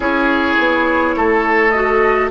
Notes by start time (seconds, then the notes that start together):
0.00 C#4 E4 G#4 C#5
0.58 B3
1.16 A3 A4
1.70 F#4 D#5